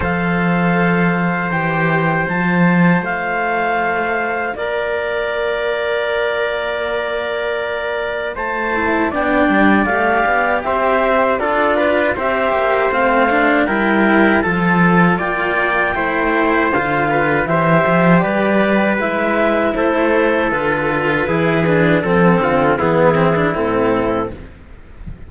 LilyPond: <<
  \new Staff \with { instrumentName = "clarinet" } { \time 4/4 \tempo 4 = 79 f''2 g''4 a''4 | f''2 d''2~ | d''2. a''4 | g''4 f''4 e''4 d''4 |
e''4 f''4 g''4 a''4 | g''2 f''4 e''4 | d''4 e''4 c''4 b'4~ | b'4 a'4 gis'4 a'4 | }
  \new Staff \with { instrumentName = "trumpet" } { \time 4/4 c''1~ | c''2 ais'2~ | ais'2. c''4 | d''2 c''4 a'8 b'8 |
c''2 ais'4 a'4 | d''4 c''4. b'8 c''4 | b'2 a'2 | gis'4 a'8 f'8 e'2 | }
  \new Staff \with { instrumentName = "cello" } { \time 4/4 a'2 g'4 f'4~ | f'1~ | f'2.~ f'8 e'8 | d'4 g'2 f'4 |
g'4 c'8 d'8 e'4 f'4~ | f'4 e'4 f'4 g'4~ | g'4 e'2 f'4 | e'8 d'8 c'4 b8 c'16 d'16 c'4 | }
  \new Staff \with { instrumentName = "cello" } { \time 4/4 f2 e4 f4 | a2 ais2~ | ais2. a4 | b8 g8 a8 b8 c'4 d'4 |
c'8 ais8 a4 g4 f4 | ais4 a4 d4 e8 f8 | g4 gis4 a4 d4 | e4 f8 d8 e4 a,4 | }
>>